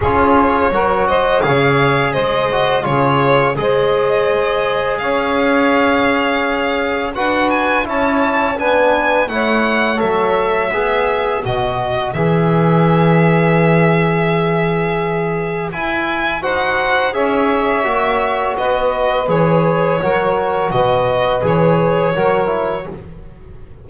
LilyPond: <<
  \new Staff \with { instrumentName = "violin" } { \time 4/4 \tempo 4 = 84 cis''4. dis''8 f''4 dis''4 | cis''4 dis''2 f''4~ | f''2 fis''8 gis''8 a''4 | gis''4 fis''4 e''2 |
dis''4 e''2.~ | e''2 gis''4 fis''4 | e''2 dis''4 cis''4~ | cis''4 dis''4 cis''2 | }
  \new Staff \with { instrumentName = "saxophone" } { \time 4/4 gis'4 ais'8 c''8 cis''4 c''4 | gis'4 c''2 cis''4~ | cis''2 b'4 cis''4 | b'4 cis''2 b'4~ |
b'1~ | b'2. c''4 | cis''2 b'2 | ais'4 b'2 ais'4 | }
  \new Staff \with { instrumentName = "trombone" } { \time 4/4 f'4 fis'4 gis'4. fis'8 | f'4 gis'2.~ | gis'2 fis'4 e'4 | d'4 e'4 a'4 gis'4 |
fis'4 gis'2.~ | gis'2 e'4 fis'4 | gis'4 fis'2 gis'4 | fis'2 gis'4 fis'8 e'8 | }
  \new Staff \with { instrumentName = "double bass" } { \time 4/4 cis'4 fis4 cis4 gis4 | cis4 gis2 cis'4~ | cis'2 d'4 cis'4 | b4 a4 fis4 b4 |
b,4 e2.~ | e2 e'4 dis'4 | cis'4 ais4 b4 e4 | fis4 b,4 e4 fis4 | }
>>